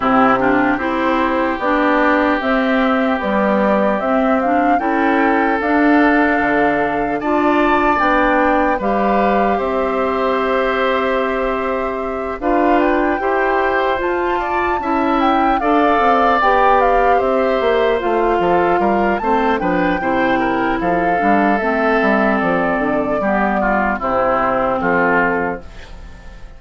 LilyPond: <<
  \new Staff \with { instrumentName = "flute" } { \time 4/4 \tempo 4 = 75 g'4 c''4 d''4 e''4 | d''4 e''8 f''8 g''4 f''4~ | f''4 a''4 g''4 f''4 | e''2.~ e''8 f''8 |
g''4. a''4. g''8 f''8~ | f''8 g''8 f''8 e''4 f''4. | a''8 g''4. f''4 e''4 | d''2 c''4 a'4 | }
  \new Staff \with { instrumentName = "oboe" } { \time 4/4 e'8 f'8 g'2.~ | g'2 a'2~ | a'4 d''2 b'4 | c''2.~ c''8 b'8~ |
b'8 c''4. d''8 e''4 d''8~ | d''4. c''4. a'8 ais'8 | c''8 b'8 c''8 ais'8 a'2~ | a'4 g'8 f'8 e'4 f'4 | }
  \new Staff \with { instrumentName = "clarinet" } { \time 4/4 c'8 d'8 e'4 d'4 c'4 | g4 c'8 d'8 e'4 d'4~ | d'4 f'4 d'4 g'4~ | g'2.~ g'8 f'8~ |
f'8 g'4 f'4 e'4 a'8~ | a'8 g'2 f'4. | c'8 d'8 e'4. d'8 c'4~ | c'4 b4 c'2 | }
  \new Staff \with { instrumentName = "bassoon" } { \time 4/4 c4 c'4 b4 c'4 | b4 c'4 cis'4 d'4 | d4 d'4 b4 g4 | c'2.~ c'8 d'8~ |
d'8 e'4 f'4 cis'4 d'8 | c'8 b4 c'8 ais8 a8 f8 g8 | a8 f8 c4 f8 g8 a8 g8 | f8 d8 g4 c4 f4 | }
>>